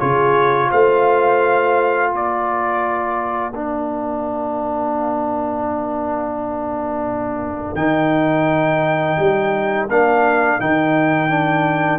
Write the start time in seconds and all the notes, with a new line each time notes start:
0.00 C#3 F4 G#4 C#5
0.71 A3 C5 F5
2.12 A#3 A#4 D5
3.54 D4 F5
7.75 D#3 D#4 G5
9.19 G3
9.89 A#3 D4 F5
10.60 D#3 D#4 G5
11.30 D4